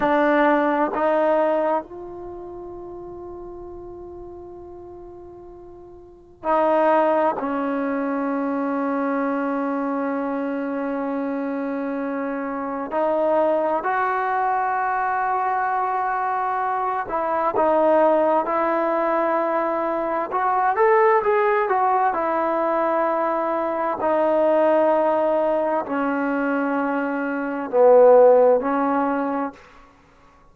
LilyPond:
\new Staff \with { instrumentName = "trombone" } { \time 4/4 \tempo 4 = 65 d'4 dis'4 f'2~ | f'2. dis'4 | cis'1~ | cis'2 dis'4 fis'4~ |
fis'2~ fis'8 e'8 dis'4 | e'2 fis'8 a'8 gis'8 fis'8 | e'2 dis'2 | cis'2 b4 cis'4 | }